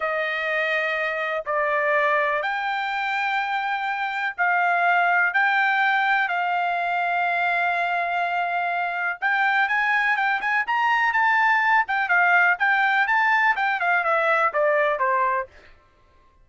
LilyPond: \new Staff \with { instrumentName = "trumpet" } { \time 4/4 \tempo 4 = 124 dis''2. d''4~ | d''4 g''2.~ | g''4 f''2 g''4~ | g''4 f''2.~ |
f''2. g''4 | gis''4 g''8 gis''8 ais''4 a''4~ | a''8 g''8 f''4 g''4 a''4 | g''8 f''8 e''4 d''4 c''4 | }